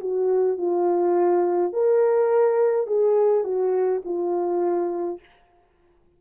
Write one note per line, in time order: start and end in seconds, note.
0.00 0.58 F#4
0.58 1.73 F4
1.73 2.87 A#4
2.87 3.44 G#4
3.44 4.02 F#4
4.05 5.20 F4